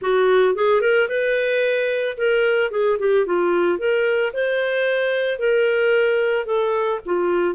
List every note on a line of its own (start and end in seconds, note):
0.01 0.55 F#4
0.55 0.81 G#4
0.81 1.08 A#4
1.08 2.16 B4
2.17 2.71 A#4
2.71 2.98 G#4
2.99 3.26 G4
3.26 3.78 F4
3.78 4.32 A#4
4.33 5.38 C5
5.38 6.45 A#4
6.45 7.00 A4
7.05 7.55 F4